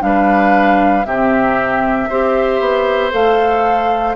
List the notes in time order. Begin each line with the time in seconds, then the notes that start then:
0.00 G3 D4 B4 F5
1.05 C3 C4 G4 E5
2.09 C4 G4 C5
2.59 B3
3.11 A3 A4 F5